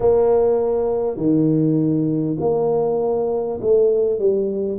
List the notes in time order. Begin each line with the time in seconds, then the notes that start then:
0.00 A#3
1.17 D#3
2.40 A#3
3.61 A3
4.18 G3